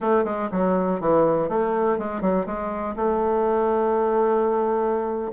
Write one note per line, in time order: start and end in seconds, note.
0.00 0.24 A3
0.24 0.49 G#3
0.51 1.00 F#3
1.00 1.48 E3
1.48 1.98 A3
1.98 2.21 G#3
2.21 2.45 F#3
2.46 2.95 G#3
2.96 5.31 A3